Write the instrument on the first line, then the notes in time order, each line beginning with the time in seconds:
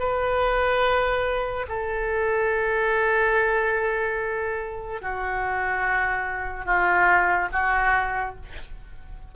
oboe
0.00 B4
1.69 A4
5.02 F#4
6.66 F4
7.53 F#4